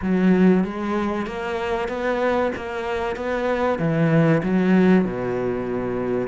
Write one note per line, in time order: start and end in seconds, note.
0.01 0.63 F#3
0.63 1.26 G#3
1.26 1.88 A#3
1.88 2.51 B3
2.56 3.16 A#3
3.16 3.78 B3
3.78 4.42 E3
4.43 5.04 F#3
5.04 6.28 B2